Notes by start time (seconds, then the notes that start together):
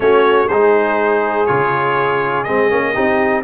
0.00 A3 C#4 F#4 C#5
0.48 G#3 D#4 G#4 C5
1.45 C#3 F4 C#5
2.43 G#3 C4 D#5
2.70 A#3 C#4
2.94 C4 D#4 G4